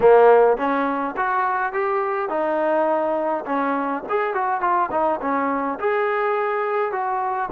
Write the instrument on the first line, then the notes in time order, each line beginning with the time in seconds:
trombone
0.00 A#3
0.57 C#4
1.16 F#4
1.73 G4
2.29 D#4
3.45 C#4
4.09 G#4
4.34 F#4
4.60 F4
4.91 D#4
5.21 C#4
5.79 G#4
6.92 F#4